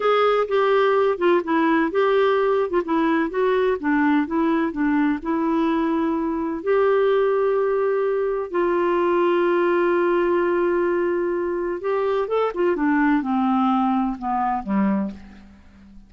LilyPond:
\new Staff \with { instrumentName = "clarinet" } { \time 4/4 \tempo 4 = 127 gis'4 g'4. f'8 e'4 | g'4.~ g'16 f'16 e'4 fis'4 | d'4 e'4 d'4 e'4~ | e'2 g'2~ |
g'2 f'2~ | f'1~ | f'4 g'4 a'8 f'8 d'4 | c'2 b4 g4 | }